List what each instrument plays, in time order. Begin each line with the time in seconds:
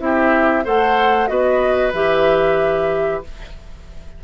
0.00 bassoon C4, clarinet E4, oboe G4, flute E5
0.64 bassoon A3, clarinet A4, oboe C5, flute F#5
1.27 bassoon B3, clarinet F#4, oboe B4, flute D#5
1.93 bassoon E3, clarinet G4, flute E5